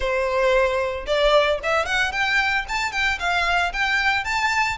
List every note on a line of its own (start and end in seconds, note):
0.00 1.06 C5
1.06 1.59 D5
1.63 1.85 E5
1.85 2.12 F#5
2.12 2.65 G5
2.68 2.92 A5
2.92 3.18 G5
3.19 3.72 F5
3.72 4.24 G5
4.24 4.77 A5